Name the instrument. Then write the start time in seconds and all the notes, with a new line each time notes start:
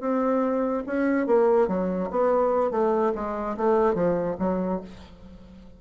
bassoon
0.00 C4
0.87 C#4
1.27 A#3
1.68 F#3
2.10 B3
2.71 A3
3.15 G#3
3.57 A3
3.94 F3
4.39 F#3